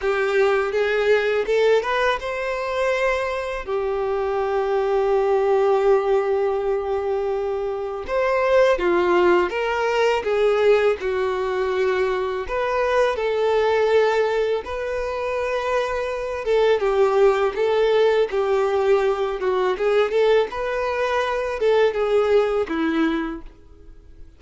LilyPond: \new Staff \with { instrumentName = "violin" } { \time 4/4 \tempo 4 = 82 g'4 gis'4 a'8 b'8 c''4~ | c''4 g'2.~ | g'2. c''4 | f'4 ais'4 gis'4 fis'4~ |
fis'4 b'4 a'2 | b'2~ b'8 a'8 g'4 | a'4 g'4. fis'8 gis'8 a'8 | b'4. a'8 gis'4 e'4 | }